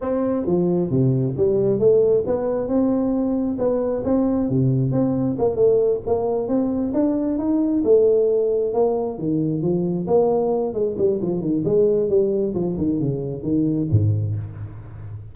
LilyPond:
\new Staff \with { instrumentName = "tuba" } { \time 4/4 \tempo 4 = 134 c'4 f4 c4 g4 | a4 b4 c'2 | b4 c'4 c4 c'4 | ais8 a4 ais4 c'4 d'8~ |
d'8 dis'4 a2 ais8~ | ais8 dis4 f4 ais4. | gis8 g8 f8 dis8 gis4 g4 | f8 dis8 cis4 dis4 gis,4 | }